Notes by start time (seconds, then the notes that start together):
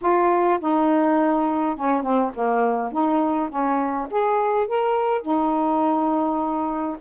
0.01 F4
0.60 D#4
1.76 C#4
2.02 C4
2.34 A#3
2.92 D#4
3.49 C#4
4.10 G#4
4.67 A#4
5.21 D#4